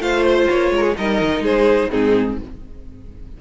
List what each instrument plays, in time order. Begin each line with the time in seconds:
0.00 cello A3, viola F4, violin C5 F5
0.24 violin C5
0.49 cello A#3, violin C#5
0.71 cello G#3, violin A#4
0.83 violin G#4
0.98 cello G3, viola D#4, violin A#4 D#5
1.21 cello D#3
1.40 cello G#3, violin G#4 C5
1.91 cello G#2, viola C4, violin D#4 G#4